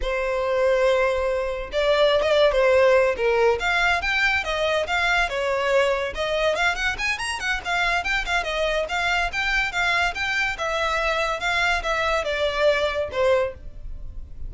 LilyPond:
\new Staff \with { instrumentName = "violin" } { \time 4/4 \tempo 4 = 142 c''1 | d''4~ d''16 dis''16 d''8 c''4. ais'8~ | ais'8 f''4 g''4 dis''4 f''8~ | f''8 cis''2 dis''4 f''8 |
fis''8 gis''8 ais''8 fis''8 f''4 g''8 f''8 | dis''4 f''4 g''4 f''4 | g''4 e''2 f''4 | e''4 d''2 c''4 | }